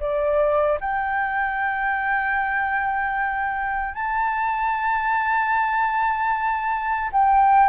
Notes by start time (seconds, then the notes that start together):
0.00 D5
0.81 G5
3.95 A5
7.13 G5